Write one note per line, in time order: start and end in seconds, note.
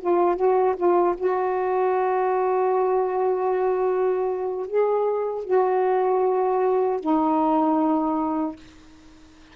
0.00 0.36 F4
0.36 0.75 F#4
0.76 1.15 F4
1.17 4.67 F#4
4.67 5.44 G#4
5.44 7.00 F#4
7.00 8.56 D#4